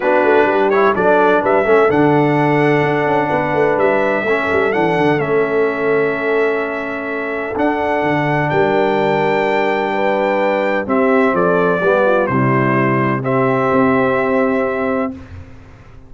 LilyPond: <<
  \new Staff \with { instrumentName = "trumpet" } { \time 4/4 \tempo 4 = 127 b'4. cis''8 d''4 e''4 | fis''1 | e''2 fis''4 e''4~ | e''1 |
fis''2 g''2~ | g''2. e''4 | d''2 c''2 | e''1 | }
  \new Staff \with { instrumentName = "horn" } { \time 4/4 fis'4 g'4 a'4 b'8 a'8~ | a'2. b'4~ | b'4 a'2.~ | a'1~ |
a'2 ais'2~ | ais'4 b'2 g'4 | a'4 g'8 f'8 e'2 | g'1 | }
  \new Staff \with { instrumentName = "trombone" } { \time 4/4 d'4. e'8 d'4. cis'8 | d'1~ | d'4 cis'4 d'4 cis'4~ | cis'1 |
d'1~ | d'2. c'4~ | c'4 b4 g2 | c'1 | }
  \new Staff \with { instrumentName = "tuba" } { \time 4/4 b8 a8 g4 fis4 g8 a8 | d2 d'8 cis'8 b8 a8 | g4 a8 g8 e8 d8 a4~ | a1 |
d'4 d4 g2~ | g2. c'4 | f4 g4 c2~ | c4 c'2. | }
>>